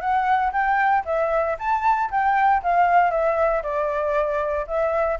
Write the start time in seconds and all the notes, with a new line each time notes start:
0.00 F#5
0.52 G5
1.05 E5
1.58 A5
2.10 G5
2.63 F5
3.11 E5
3.63 D5
4.67 E5